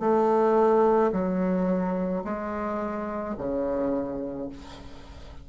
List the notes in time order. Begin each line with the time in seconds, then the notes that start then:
0.00 A3
1.12 F#3
2.24 G#3
3.38 C#3